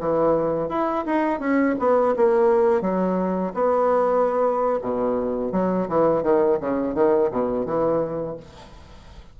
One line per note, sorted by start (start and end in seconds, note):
0.00 0.69 E3
0.69 1.05 E4
1.06 1.40 D#4
1.40 1.76 C#4
1.79 2.15 B3
2.17 2.81 A#3
2.81 3.53 F#3
3.54 4.79 B3
4.82 5.52 B2
5.52 5.88 F#3
5.89 6.23 E3
6.23 6.58 D#3
6.61 6.94 C#3
6.94 7.30 D#3
7.31 7.66 B2
7.66 8.37 E3